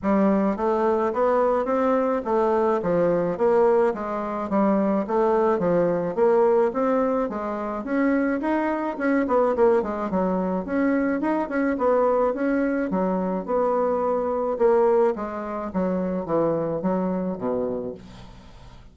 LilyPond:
\new Staff \with { instrumentName = "bassoon" } { \time 4/4 \tempo 4 = 107 g4 a4 b4 c'4 | a4 f4 ais4 gis4 | g4 a4 f4 ais4 | c'4 gis4 cis'4 dis'4 |
cis'8 b8 ais8 gis8 fis4 cis'4 | dis'8 cis'8 b4 cis'4 fis4 | b2 ais4 gis4 | fis4 e4 fis4 b,4 | }